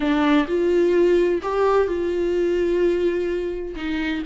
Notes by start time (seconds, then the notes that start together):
0.00 D4
0.48 F4
1.42 G4
1.87 F4
3.76 D#4